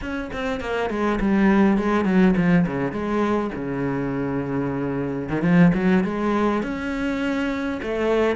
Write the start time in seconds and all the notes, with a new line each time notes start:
0.01 C#4
0.33 C4
0.60 A#3
0.90 G#3
1.20 G3
1.77 G#3
2.05 F#3
2.36 F3
2.66 C#3
2.91 G#3
3.55 C#3
5.29 D#3
5.42 F3
5.74 F#3
6.03 G#3
6.62 C#4
7.82 A3